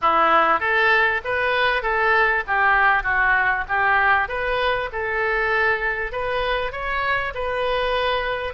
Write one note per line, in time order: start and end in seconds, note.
0.01 0.60 E4
0.60 1.21 A4
1.24 1.82 B4
1.82 2.43 A4
2.47 3.03 G4
3.03 3.64 F#4
3.68 4.28 G4
4.28 4.89 B4
4.92 6.12 A4
6.12 6.72 B4
6.72 7.33 C#5
7.34 8.53 B4